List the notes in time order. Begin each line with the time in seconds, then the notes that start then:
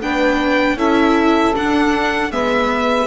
0.00 B3 D4 B4 G5
0.75 C#4 E4 A4 E5
1.54 D4 F#5
2.31 G#3 B3 B4 E5